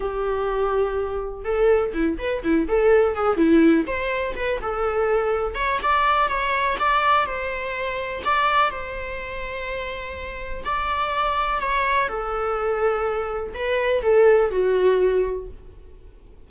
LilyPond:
\new Staff \with { instrumentName = "viola" } { \time 4/4 \tempo 4 = 124 g'2. a'4 | e'8 b'8 e'8 a'4 gis'8 e'4 | c''4 b'8 a'2 cis''8 | d''4 cis''4 d''4 c''4~ |
c''4 d''4 c''2~ | c''2 d''2 | cis''4 a'2. | b'4 a'4 fis'2 | }